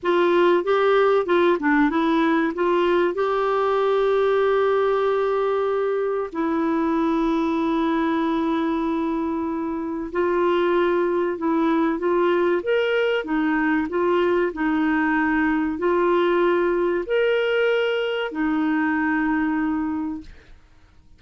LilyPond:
\new Staff \with { instrumentName = "clarinet" } { \time 4/4 \tempo 4 = 95 f'4 g'4 f'8 d'8 e'4 | f'4 g'2.~ | g'2 e'2~ | e'1 |
f'2 e'4 f'4 | ais'4 dis'4 f'4 dis'4~ | dis'4 f'2 ais'4~ | ais'4 dis'2. | }